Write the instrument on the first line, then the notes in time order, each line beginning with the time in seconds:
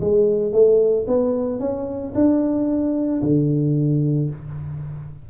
tuba
0.00 G#3
0.52 A3
1.07 B3
1.59 C#4
2.15 D4
3.22 D3